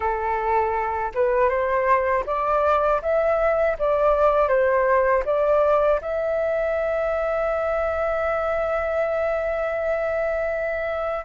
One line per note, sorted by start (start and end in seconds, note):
0.00 1.11 A4
1.14 1.49 B4
1.49 2.24 C5
2.26 3.01 D5
3.02 3.77 E5
3.78 4.48 D5
4.48 5.23 C5
5.25 6.00 D5
6.01 11.25 E5